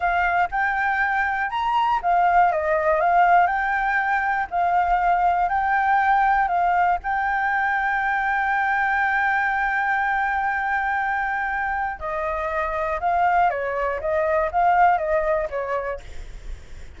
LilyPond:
\new Staff \with { instrumentName = "flute" } { \time 4/4 \tempo 4 = 120 f''4 g''2 ais''4 | f''4 dis''4 f''4 g''4~ | g''4 f''2 g''4~ | g''4 f''4 g''2~ |
g''1~ | g''1 | dis''2 f''4 cis''4 | dis''4 f''4 dis''4 cis''4 | }